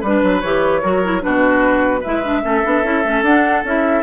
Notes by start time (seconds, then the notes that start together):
0.00 G3 B4
0.06 D4
0.22 F#3
0.41 E3 G4 C#5
0.82 F#3 F#4 A#4
1.03 E4
1.21 B2 D4 F#4 B4
2.00 G#3 E4 B4 E5
2.23 D4
2.42 A3 C#4 A4
2.63 B3 D4
2.83 C#4 E4
3.04 A3 C#4
3.22 D4 F#5
3.64 C#4 E4 E5